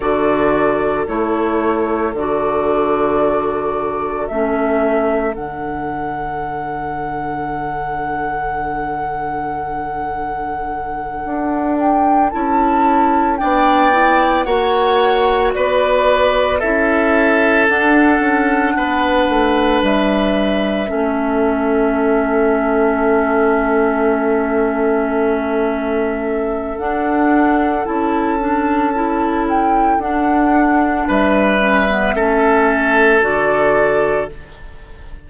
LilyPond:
<<
  \new Staff \with { instrumentName = "flute" } { \time 4/4 \tempo 4 = 56 d''4 cis''4 d''2 | e''4 fis''2.~ | fis''2. g''8 a''8~ | a''8 g''4 fis''4 d''4 e''8~ |
e''8 fis''2 e''4.~ | e''1~ | e''4 fis''4 a''4. g''8 | fis''4 e''2 d''4 | }
  \new Staff \with { instrumentName = "oboe" } { \time 4/4 a'1~ | a'1~ | a'1~ | a'8 d''4 cis''4 b'4 a'8~ |
a'4. b'2 a'8~ | a'1~ | a'1~ | a'4 b'4 a'2 | }
  \new Staff \with { instrumentName = "clarinet" } { \time 4/4 fis'4 e'4 fis'2 | cis'4 d'2.~ | d'2.~ d'8 e'8~ | e'8 d'8 e'8 fis'2 e'8~ |
e'8 d'2. cis'8~ | cis'1~ | cis'4 d'4 e'8 d'8 e'4 | d'4. cis'16 b16 cis'4 fis'4 | }
  \new Staff \with { instrumentName = "bassoon" } { \time 4/4 d4 a4 d2 | a4 d2.~ | d2~ d8 d'4 cis'8~ | cis'8 b4 ais4 b4 cis'8~ |
cis'8 d'8 cis'8 b8 a8 g4 a8~ | a1~ | a4 d'4 cis'2 | d'4 g4 a4 d4 | }
>>